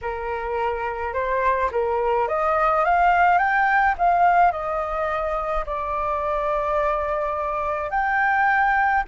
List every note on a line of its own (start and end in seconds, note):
0.01 1.13 A#4
1.13 1.70 C5
1.71 2.28 A#4
2.28 2.84 D#5
2.85 3.38 F5
3.38 3.95 G5
3.98 4.51 F5
4.51 5.64 D#5
5.66 7.90 D5
7.90 9.03 G5